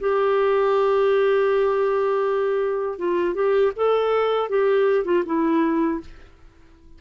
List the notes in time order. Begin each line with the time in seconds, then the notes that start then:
0.00 G4
2.99 F4
3.35 G4
3.76 A4
4.49 G4
5.05 F4
5.26 E4